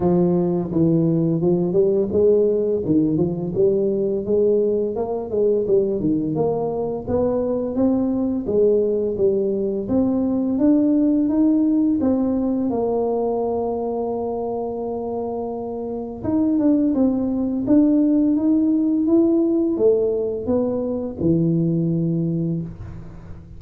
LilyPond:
\new Staff \with { instrumentName = "tuba" } { \time 4/4 \tempo 4 = 85 f4 e4 f8 g8 gis4 | dis8 f8 g4 gis4 ais8 gis8 | g8 dis8 ais4 b4 c'4 | gis4 g4 c'4 d'4 |
dis'4 c'4 ais2~ | ais2. dis'8 d'8 | c'4 d'4 dis'4 e'4 | a4 b4 e2 | }